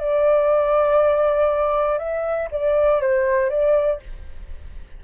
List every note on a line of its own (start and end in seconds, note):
0.00 1.99 D5
1.99 2.49 E5
2.51 3.01 D5
3.01 3.50 C5
3.50 4.00 D5